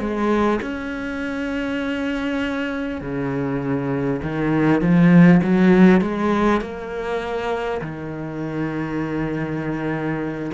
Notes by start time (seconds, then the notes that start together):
0.00 G#3
0.62 C#4
3.01 C#3
4.22 D#3
4.82 F3
5.43 F#3
6.02 G#3
6.62 A#3
7.82 D#3